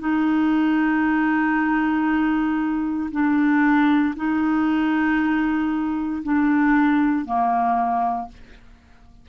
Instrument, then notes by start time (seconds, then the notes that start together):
clarinet
0.00 D#4
3.11 D4
4.16 D#4
6.24 D4
7.26 A#3